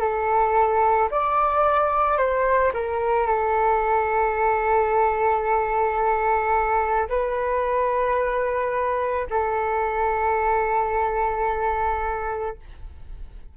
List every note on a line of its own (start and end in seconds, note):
0.00 1.09 A4
1.11 2.17 D5
2.17 2.72 C5
2.73 3.26 A#4
3.26 7.08 A4
7.09 9.27 B4
9.30 12.57 A4